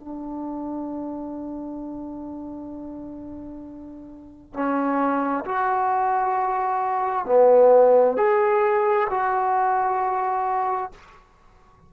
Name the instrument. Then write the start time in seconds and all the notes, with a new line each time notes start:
trombone
0.00 D4
4.54 C#4
5.45 F#4
7.26 B3
8.17 G#4
9.10 F#4